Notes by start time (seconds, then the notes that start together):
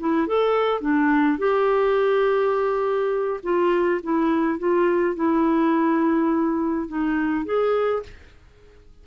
0.00 E4
0.28 A4
0.81 D4
1.39 G4
3.43 F4
4.04 E4
4.59 F4
5.16 E4
6.88 D#4
7.45 G#4